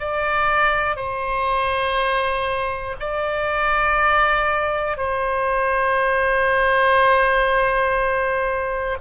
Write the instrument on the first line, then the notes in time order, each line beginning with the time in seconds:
oboe
0.00 D5
0.96 C5
3.00 D5
4.97 C5